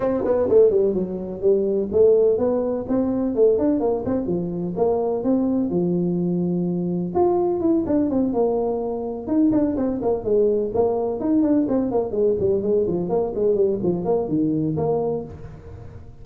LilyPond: \new Staff \with { instrumentName = "tuba" } { \time 4/4 \tempo 4 = 126 c'8 b8 a8 g8 fis4 g4 | a4 b4 c'4 a8 d'8 | ais8 c'8 f4 ais4 c'4 | f2. f'4 |
e'8 d'8 c'8 ais2 dis'8 | d'8 c'8 ais8 gis4 ais4 dis'8 | d'8 c'8 ais8 gis8 g8 gis8 f8 ais8 | gis8 g8 f8 ais8 dis4 ais4 | }